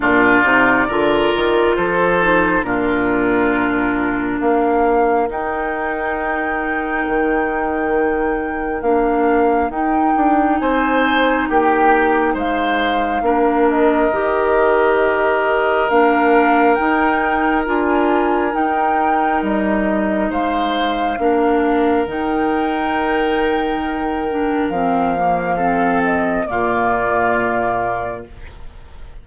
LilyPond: <<
  \new Staff \with { instrumentName = "flute" } { \time 4/4 \tempo 4 = 68 d''2 c''4 ais'4~ | ais'4 f''4 g''2~ | g''2 f''4 g''4 | gis''4 g''4 f''4. dis''8~ |
dis''2 f''4 g''4 | gis''4 g''4 dis''4 f''4~ | f''4 g''2. | f''4. dis''8 d''2 | }
  \new Staff \with { instrumentName = "oboe" } { \time 4/4 f'4 ais'4 a'4 f'4~ | f'4 ais'2.~ | ais'1 | c''4 g'4 c''4 ais'4~ |
ais'1~ | ais'2. c''4 | ais'1~ | ais'4 a'4 f'2 | }
  \new Staff \with { instrumentName = "clarinet" } { \time 4/4 d'8 dis'8 f'4. dis'8 d'4~ | d'2 dis'2~ | dis'2 d'4 dis'4~ | dis'2. d'4 |
g'2 d'4 dis'4 | f'4 dis'2. | d'4 dis'2~ dis'8 d'8 | c'8 ais8 c'4 ais2 | }
  \new Staff \with { instrumentName = "bassoon" } { \time 4/4 ais,8 c8 d8 dis8 f4 ais,4~ | ais,4 ais4 dis'2 | dis2 ais4 dis'8 d'8 | c'4 ais4 gis4 ais4 |
dis2 ais4 dis'4 | d'4 dis'4 g4 gis4 | ais4 dis2. | f2 ais,2 | }
>>